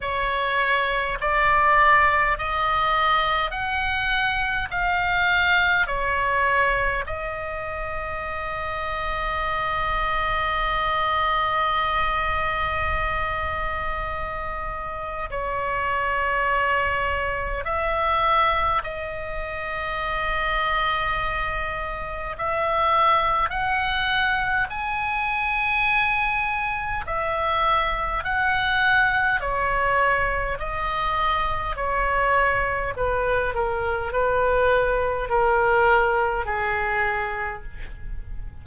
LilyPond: \new Staff \with { instrumentName = "oboe" } { \time 4/4 \tempo 4 = 51 cis''4 d''4 dis''4 fis''4 | f''4 cis''4 dis''2~ | dis''1~ | dis''4 cis''2 e''4 |
dis''2. e''4 | fis''4 gis''2 e''4 | fis''4 cis''4 dis''4 cis''4 | b'8 ais'8 b'4 ais'4 gis'4 | }